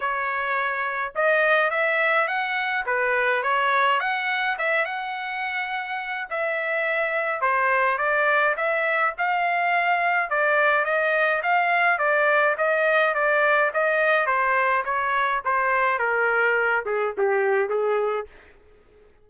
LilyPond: \new Staff \with { instrumentName = "trumpet" } { \time 4/4 \tempo 4 = 105 cis''2 dis''4 e''4 | fis''4 b'4 cis''4 fis''4 | e''8 fis''2~ fis''8 e''4~ | e''4 c''4 d''4 e''4 |
f''2 d''4 dis''4 | f''4 d''4 dis''4 d''4 | dis''4 c''4 cis''4 c''4 | ais'4. gis'8 g'4 gis'4 | }